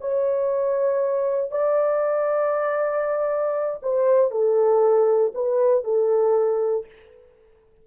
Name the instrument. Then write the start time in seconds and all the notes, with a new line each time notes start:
horn
0.00 C#5
1.51 D5
3.82 C5
4.31 A4
5.34 B4
5.84 A4